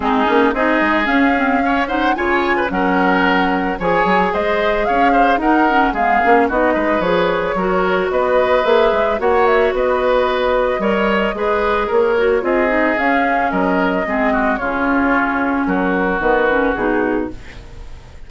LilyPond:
<<
  \new Staff \with { instrumentName = "flute" } { \time 4/4 \tempo 4 = 111 gis'4 dis''4 f''4. fis''8 | gis''4 fis''2 gis''4 | dis''4 f''4 fis''4 f''4 | dis''4 cis''2 dis''4 |
e''4 fis''8 e''8 dis''2~ | dis''2 cis''4 dis''4 | f''4 dis''2 cis''4~ | cis''4 ais'4 b'4 gis'4 | }
  \new Staff \with { instrumentName = "oboe" } { \time 4/4 dis'4 gis'2 cis''8 c''8 | cis''8. b'16 ais'2 cis''4 | c''4 cis''8 c''8 ais'4 gis'4 | fis'8 b'4. ais'4 b'4~ |
b'4 cis''4 b'2 | cis''4 b'4 ais'4 gis'4~ | gis'4 ais'4 gis'8 fis'8 f'4~ | f'4 fis'2. | }
  \new Staff \with { instrumentName = "clarinet" } { \time 4/4 c'8 cis'8 dis'4 cis'8 c'8 cis'8 dis'8 | f'4 cis'2 gis'4~ | gis'2 dis'8 cis'8 b8 cis'8 | dis'4 gis'4 fis'2 |
gis'4 fis'2. | ais'4 gis'4. fis'8 f'8 dis'8 | cis'2 c'4 cis'4~ | cis'2 b8 cis'8 dis'4 | }
  \new Staff \with { instrumentName = "bassoon" } { \time 4/4 gis8 ais8 c'8 gis8 cis'2 | cis4 fis2 f8 fis8 | gis4 cis'4 dis'4 gis8 ais8 | b8 gis8 f4 fis4 b4 |
ais8 gis8 ais4 b2 | g4 gis4 ais4 c'4 | cis'4 fis4 gis4 cis4~ | cis4 fis4 dis4 b,4 | }
>>